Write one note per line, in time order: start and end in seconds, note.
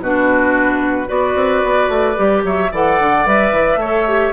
0.00 1.08 B2
0.00 1.07 D4
0.00 1.08 F#4
0.00 1.09 B4
1.07 1.35 B3
1.07 2.15 F#4
1.07 2.43 B4
1.07 2.44 D5
1.35 1.62 C4
1.64 1.89 B3
1.89 2.16 A3
2.15 2.44 G3
2.15 2.69 G4
2.44 2.71 F#3
2.44 2.71 C#5
2.44 2.73 E5
2.71 2.99 E3
2.71 3.26 A4
2.71 3.79 D5
2.71 3.27 F#5
2.99 3.26 D3
3.26 3.52 G3
3.26 3.80 B4
3.26 4.33 E5
3.52 3.76 E3
3.76 4.30 A3
3.76 4.33 C#5
3.82 4.08 A4
4.08 4.33 G4